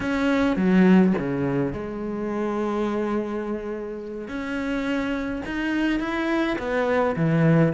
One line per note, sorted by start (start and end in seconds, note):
0.00 0.56 C#4
0.56 1.13 F#3
1.18 1.72 C#3
1.72 4.28 G#3
4.28 5.42 C#4
5.45 5.99 D#4
5.99 6.56 E4
6.58 7.15 B3
7.16 7.73 E3